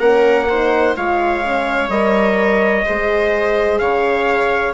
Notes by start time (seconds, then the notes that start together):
0.00 A#3 C#4 A#4 F#5
0.50 D#4 C5
0.97 G#3 F4 C#5 F5
1.45 C#4
1.89 G3 A#4 D#5
2.85 G#3 G#4 C5
3.79 C#3 C#5 F5